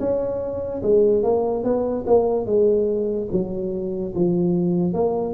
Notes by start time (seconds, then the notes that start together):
0.00 C#4
0.83 G#3
1.23 A#3
1.64 B3
2.07 A#3
2.46 G#3
3.32 F#3
4.15 F3
4.94 A#3